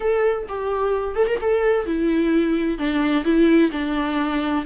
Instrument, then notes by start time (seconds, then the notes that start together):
viola
0.00 A4
0.48 G4
1.15 A4
1.27 A#4
1.40 A4
1.86 E4
2.78 D4
3.24 E4
3.71 D4